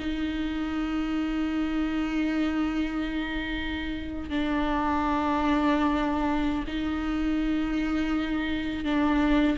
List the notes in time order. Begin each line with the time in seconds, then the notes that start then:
0.00 D#4
4.30 D4
6.68 D#4
8.85 D4